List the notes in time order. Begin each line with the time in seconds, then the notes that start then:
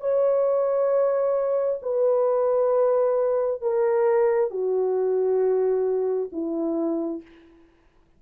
0.00 C#5
1.82 B4
3.61 A#4
4.50 F#4
6.32 E4